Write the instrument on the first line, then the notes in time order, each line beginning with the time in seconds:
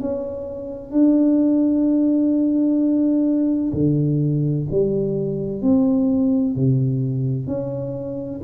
tuba
0.00 C#4
0.92 D4
3.73 D3
4.71 G3
5.62 C4
6.55 C3
7.47 C#4